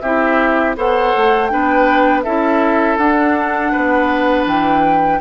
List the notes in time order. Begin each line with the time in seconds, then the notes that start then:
0.00 C4 E4 G4 E5
0.76 B3 A4 C5 F#5
1.15 A3
1.47 B3 D4 B4 G5
2.23 C#4 E4 A4 E5
2.97 D4 F#5
3.71 B3 B4
4.46 E3 G5